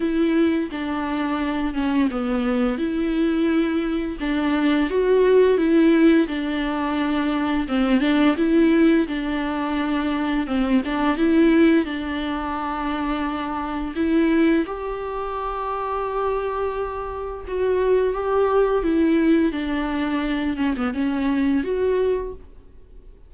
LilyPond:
\new Staff \with { instrumentName = "viola" } { \time 4/4 \tempo 4 = 86 e'4 d'4. cis'8 b4 | e'2 d'4 fis'4 | e'4 d'2 c'8 d'8 | e'4 d'2 c'8 d'8 |
e'4 d'2. | e'4 g'2.~ | g'4 fis'4 g'4 e'4 | d'4. cis'16 b16 cis'4 fis'4 | }